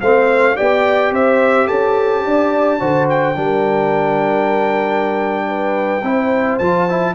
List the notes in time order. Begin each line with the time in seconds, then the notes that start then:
0.00 A3 C4 C5 F5
0.56 B3 G4 D5 G5
1.11 C4 C5 E5
1.67 C#4 A4 A5
2.24 D4 D5
2.80 D3 F#4 C5
3.09 G5
3.35 G3 D4 A#4
5.48 B4
6.03 C4 E4 C5
6.58 F3 F4 A5
6.89 E4